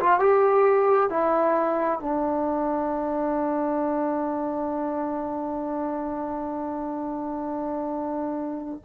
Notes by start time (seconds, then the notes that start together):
0.00 F4
0.20 G4
1.10 E4
2.00 D4